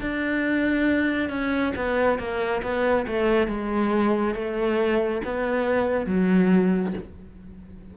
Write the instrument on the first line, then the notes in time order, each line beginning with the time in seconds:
cello
0.00 D4
1.29 C#4
1.75 B3
2.18 A#3
2.62 B3
3.07 A3
3.47 G#3
4.34 A3
5.24 B3
6.06 F#3